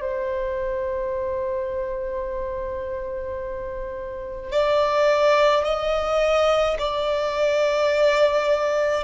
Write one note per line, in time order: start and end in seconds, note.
0.00 4.51 C5
4.51 5.64 D5
5.64 6.77 D#5
6.78 9.04 D5